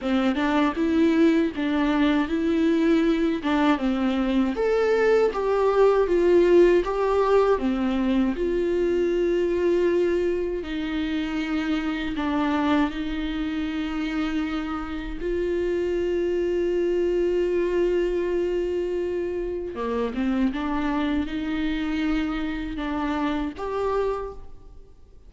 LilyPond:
\new Staff \with { instrumentName = "viola" } { \time 4/4 \tempo 4 = 79 c'8 d'8 e'4 d'4 e'4~ | e'8 d'8 c'4 a'4 g'4 | f'4 g'4 c'4 f'4~ | f'2 dis'2 |
d'4 dis'2. | f'1~ | f'2 ais8 c'8 d'4 | dis'2 d'4 g'4 | }